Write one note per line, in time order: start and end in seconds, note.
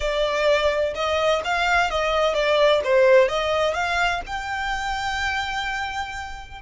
0.00 0.94 D5
0.94 1.42 D#5
1.44 1.90 F5
1.90 2.34 D#5
2.34 2.81 D5
2.84 3.28 C5
3.28 3.74 D#5
3.74 4.21 F5
4.26 6.61 G5